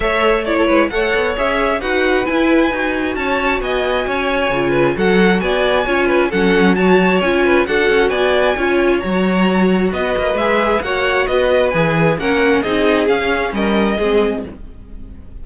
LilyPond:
<<
  \new Staff \with { instrumentName = "violin" } { \time 4/4 \tempo 4 = 133 e''4 cis''4 fis''4 e''4 | fis''4 gis''2 a''4 | gis''2. fis''4 | gis''2 fis''4 a''4 |
gis''4 fis''4 gis''2 | ais''2 dis''4 e''4 | fis''4 dis''4 gis''4 fis''4 | dis''4 f''4 dis''2 | }
  \new Staff \with { instrumentName = "violin" } { \time 4/4 cis''4 d''16 a'16 b'8 cis''2 | b'2. cis''4 | dis''4 cis''4. b'8 a'4 | d''4 cis''8 b'8 a'4 cis''4~ |
cis''8 b'8 a'4 d''4 cis''4~ | cis''2 b'2 | cis''4 b'2 ais'4 | gis'2 ais'4 gis'4 | }
  \new Staff \with { instrumentName = "viola" } { \time 4/4 a'4 e'4 a'4 gis'4 | fis'4 e'4 fis'2~ | fis'2 f'4 fis'4~ | fis'4 f'4 cis'4 fis'4 |
f'4 fis'2 f'4 | fis'2. gis'4 | fis'2 gis'4 cis'4 | dis'4 cis'2 c'4 | }
  \new Staff \with { instrumentName = "cello" } { \time 4/4 a4. gis8 a8 b8 cis'4 | dis'4 e'4 dis'4 cis'4 | b4 cis'4 cis4 fis4 | b4 cis'4 fis2 |
cis'4 d'8 cis'8 b4 cis'4 | fis2 b8 ais8 gis4 | ais4 b4 e4 ais4 | c'4 cis'4 g4 gis4 | }
>>